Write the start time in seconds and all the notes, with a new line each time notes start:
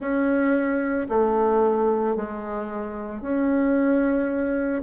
0.00 C#4
1.08 A3
2.15 G#3
3.21 C#4